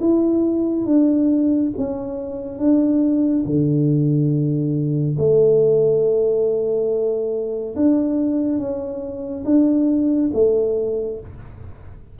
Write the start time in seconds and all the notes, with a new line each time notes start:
0.00 E4
0.85 D4
1.77 C#4
2.58 D4
3.45 D3
5.18 A3
7.75 D4
8.58 C#4
9.44 D4
10.33 A3